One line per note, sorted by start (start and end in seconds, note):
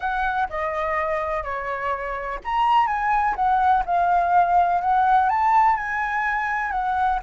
0.00 0.48 F#5
0.49 1.43 D#5
1.43 2.39 C#5
2.44 2.87 A#5
2.87 3.35 G#5
3.35 3.83 F#5
3.85 4.81 F5
4.81 5.29 F#5
5.29 5.76 A5
5.76 6.71 G#5
6.71 7.19 F#5